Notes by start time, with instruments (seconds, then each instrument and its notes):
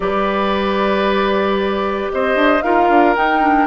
0.00 bassoon G3, clarinet G4, oboe B4, flute D5
2.11 bassoon C4, oboe C5, flute D#5
2.35 bassoon D4
2.62 bassoon D#4, clarinet F4, oboe A#4, flute F5
2.89 bassoon D4
3.15 clarinet D#4, bassoon D#4, flute G5
3.42 clarinet D4